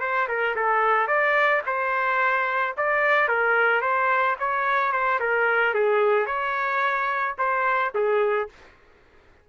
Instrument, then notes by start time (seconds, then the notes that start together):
trumpet
0.00 C5
0.28 A#4
0.56 A4
1.07 D5
1.66 C5
2.77 D5
3.28 A#4
3.81 C5
4.39 C#5
4.92 C5
5.20 A#4
5.74 G#4
6.26 C#5
7.38 C5
7.94 G#4